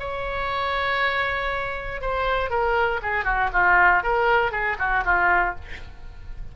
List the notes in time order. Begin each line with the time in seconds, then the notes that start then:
0.00 C#5
2.01 C5
2.50 A#4
3.03 G#4
3.25 F#4
3.53 F4
4.04 A#4
4.52 G#4
4.79 F#4
5.05 F4